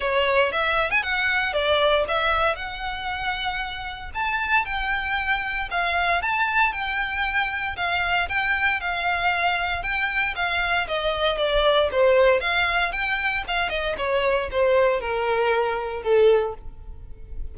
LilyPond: \new Staff \with { instrumentName = "violin" } { \time 4/4 \tempo 4 = 116 cis''4 e''8. gis''16 fis''4 d''4 | e''4 fis''2. | a''4 g''2 f''4 | a''4 g''2 f''4 |
g''4 f''2 g''4 | f''4 dis''4 d''4 c''4 | f''4 g''4 f''8 dis''8 cis''4 | c''4 ais'2 a'4 | }